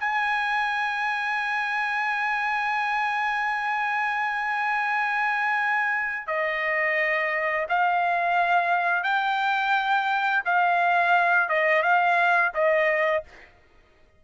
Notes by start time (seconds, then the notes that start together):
0.00 G#5
6.27 D#5
7.69 F5
9.03 G5
10.45 F5
11.49 D#5
11.83 F5
12.54 D#5